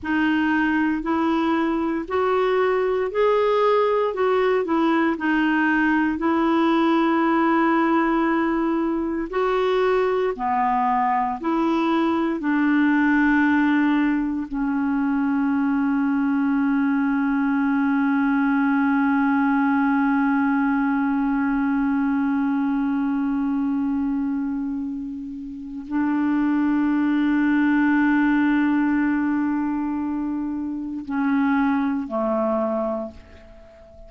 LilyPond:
\new Staff \with { instrumentName = "clarinet" } { \time 4/4 \tempo 4 = 58 dis'4 e'4 fis'4 gis'4 | fis'8 e'8 dis'4 e'2~ | e'4 fis'4 b4 e'4 | d'2 cis'2~ |
cis'1~ | cis'1~ | cis'4 d'2.~ | d'2 cis'4 a4 | }